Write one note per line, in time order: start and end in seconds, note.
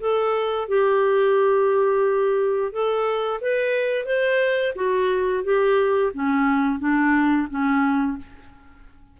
0.00 0.68 A4
0.68 2.72 G4
2.72 3.40 A4
3.41 4.05 B4
4.05 4.73 C5
4.75 5.43 F#4
5.44 6.12 G4
6.13 6.79 C#4
6.79 7.48 D4
7.49 8.18 C#4